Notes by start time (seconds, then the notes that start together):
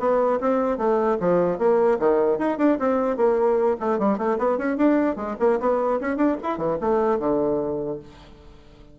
0.00 B3
0.41 C4
0.78 A3
1.20 F3
1.59 A#3
2.00 D#3
2.39 D#4
2.58 D4
2.80 C4
3.17 A#3
3.81 A3
3.99 G3
4.18 A3
4.39 B3
4.59 C#4
4.78 D4
5.17 G#3
5.40 A#3
5.60 B3
6.01 C#4
6.17 D4
6.43 E4
6.58 E3
6.81 A3
7.20 D3